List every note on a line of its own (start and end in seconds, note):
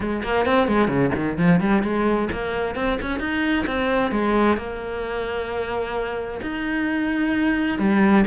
0.00 0.23 G#3
0.23 0.45 A#3
0.45 0.67 C4
0.67 0.87 G#3
0.87 1.10 C#3
1.14 1.37 D#3
1.37 1.60 F3
1.60 1.82 G3
1.82 2.28 G#3
2.32 2.75 A#3
2.75 2.98 C4
3.01 3.19 C#4
3.19 3.65 D#4
3.66 4.11 C4
4.11 4.57 G#3
4.57 6.40 A#3
6.41 7.78 D#4
7.78 8.24 G3